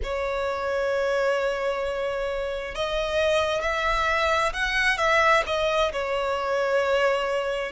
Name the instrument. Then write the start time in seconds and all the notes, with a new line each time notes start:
violin
0.03 C#5
2.74 D#5
3.61 E5
4.52 F#5
4.98 E5
5.46 D#5
5.92 C#5